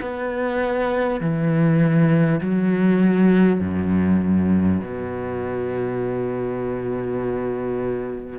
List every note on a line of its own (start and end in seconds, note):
0.00 1.20 B3
1.20 2.40 E3
2.40 3.60 F#3
3.60 4.80 F#2
4.81 8.39 B2